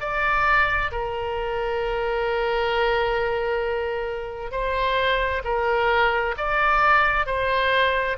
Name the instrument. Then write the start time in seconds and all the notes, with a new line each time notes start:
oboe
0.00 D5
0.91 A#4
4.51 C5
5.44 A#4
6.37 D5
7.26 C5